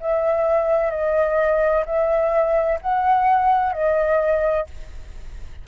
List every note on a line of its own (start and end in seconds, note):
0.00 0.90 E5
0.90 1.84 D#5
1.85 2.79 E5
2.81 3.72 F#5
3.72 4.66 D#5